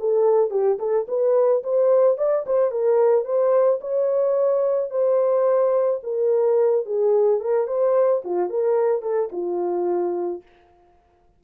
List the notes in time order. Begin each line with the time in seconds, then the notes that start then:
0.00 A4
0.51 G4
0.79 A4
1.08 B4
1.64 C5
2.18 D5
2.47 C5
2.72 A#4
3.25 C5
3.81 C#5
4.91 C5
6.04 A#4
6.86 G#4
7.41 A#4
7.68 C5
8.25 F4
8.50 A#4
9.03 A4
9.33 F4